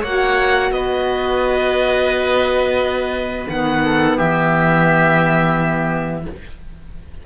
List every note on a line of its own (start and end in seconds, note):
0.00 0.71 A#3
0.00 3.48 F#4
0.00 0.69 C#5
0.00 0.71 F#5
0.71 3.47 B3
0.71 3.84 B4
0.71 3.47 D#5
3.48 4.18 D#3
3.48 6.24 B3
3.48 4.18 F#5
3.85 4.17 A4
4.17 6.26 E3
4.17 6.24 G4
4.17 6.25 E5